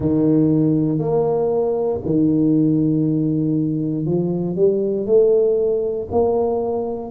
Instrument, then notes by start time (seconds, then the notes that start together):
tuba
0.00 D#3
0.98 A#3
2.05 D#3
4.05 F3
4.55 G3
5.06 A3
6.11 A#3